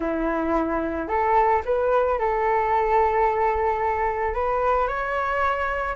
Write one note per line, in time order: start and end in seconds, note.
0.00 1.08 E4
1.08 1.62 A4
1.65 2.18 B4
2.18 4.34 A4
4.34 4.87 B4
4.87 5.95 C#5